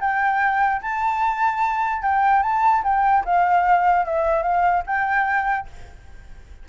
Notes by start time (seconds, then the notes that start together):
0.00 G5
0.82 A5
2.02 G5
2.42 A5
2.83 G5
3.25 F5
4.05 E5
4.43 F5
4.86 G5